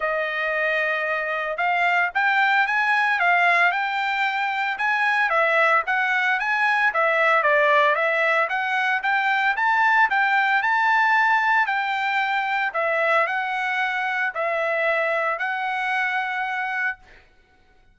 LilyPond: \new Staff \with { instrumentName = "trumpet" } { \time 4/4 \tempo 4 = 113 dis''2. f''4 | g''4 gis''4 f''4 g''4~ | g''4 gis''4 e''4 fis''4 | gis''4 e''4 d''4 e''4 |
fis''4 g''4 a''4 g''4 | a''2 g''2 | e''4 fis''2 e''4~ | e''4 fis''2. | }